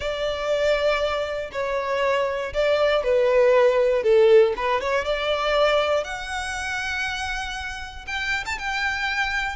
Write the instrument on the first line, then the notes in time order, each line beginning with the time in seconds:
violin
0.00 D5
1.52 C#5
2.53 D5
3.03 B4
4.03 A4
4.56 B4
4.81 C#5
5.04 D5
6.03 F#5
8.06 G5
8.45 A5
8.58 G5